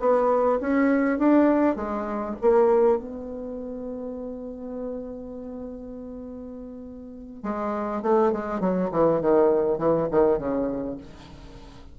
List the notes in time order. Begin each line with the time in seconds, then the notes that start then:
0.00 B3
0.61 C#4
1.19 D4
1.76 G#3
2.42 A#3
2.98 B3
7.43 G#3
8.03 A3
8.32 G#3
8.60 F#3
8.91 E3
9.21 D#3
9.78 E3
10.11 D#3
10.38 C#3